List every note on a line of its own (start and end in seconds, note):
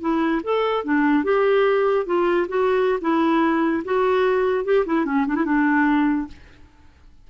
0.00 0.41 E4
0.43 0.84 A4
0.84 1.23 D4
1.23 2.05 G4
2.05 2.47 F4
2.48 2.99 F#4
3.00 3.83 E4
3.84 4.64 F#4
4.64 4.85 G4
4.85 5.05 E4
5.05 5.25 C#4
5.26 5.35 D4
5.35 5.45 E4
5.45 6.27 D4